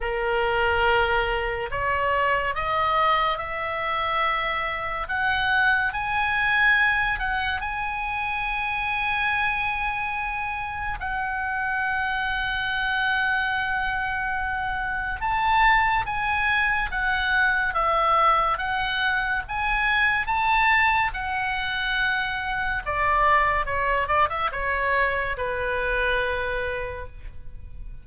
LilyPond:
\new Staff \with { instrumentName = "oboe" } { \time 4/4 \tempo 4 = 71 ais'2 cis''4 dis''4 | e''2 fis''4 gis''4~ | gis''8 fis''8 gis''2.~ | gis''4 fis''2.~ |
fis''2 a''4 gis''4 | fis''4 e''4 fis''4 gis''4 | a''4 fis''2 d''4 | cis''8 d''16 e''16 cis''4 b'2 | }